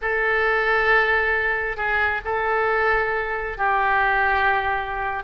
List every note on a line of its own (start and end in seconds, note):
0.01 1.76 A4
1.76 2.21 G#4
2.24 3.57 A4
3.57 5.23 G4